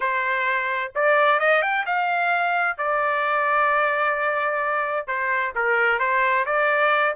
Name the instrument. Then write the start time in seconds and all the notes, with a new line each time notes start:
trumpet
0.00 C5
0.95 D5
1.39 D#5
1.62 G5
1.86 F5
2.77 D5
5.07 C5
5.55 A#4
5.99 C5
6.45 D5